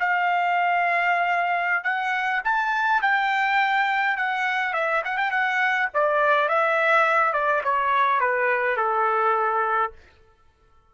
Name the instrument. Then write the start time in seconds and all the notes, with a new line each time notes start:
trumpet
0.00 F5
1.84 F#5
2.44 A5
3.02 G5
4.17 F#5
4.74 E5
5.05 F#5
5.18 G5
5.31 F#5
5.94 D5
6.49 E5
7.33 D5
7.64 C#5
8.21 B4
8.77 A4